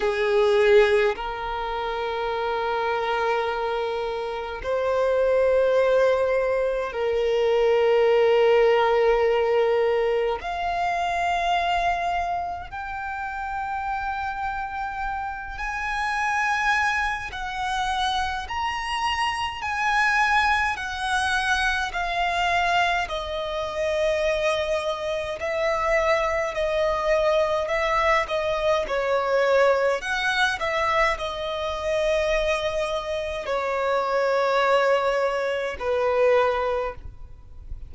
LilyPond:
\new Staff \with { instrumentName = "violin" } { \time 4/4 \tempo 4 = 52 gis'4 ais'2. | c''2 ais'2~ | ais'4 f''2 g''4~ | g''4. gis''4. fis''4 |
ais''4 gis''4 fis''4 f''4 | dis''2 e''4 dis''4 | e''8 dis''8 cis''4 fis''8 e''8 dis''4~ | dis''4 cis''2 b'4 | }